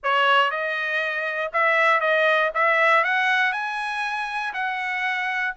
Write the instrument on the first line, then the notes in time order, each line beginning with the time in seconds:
trumpet
0.03 C#5
0.50 D#5
1.52 E5
2.00 D#5
2.54 E5
3.03 F#5
3.52 G#5
4.53 F#5